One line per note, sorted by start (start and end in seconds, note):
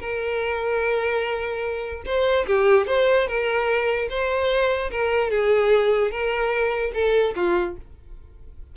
0.00 2.03 A#4
2.05 2.46 C5
2.46 2.87 G4
2.87 3.27 C5
3.27 4.09 A#4
4.10 4.91 C5
4.91 5.31 A#4
5.31 6.11 G#4
6.11 6.92 A#4
6.94 7.35 A4
7.36 7.76 F4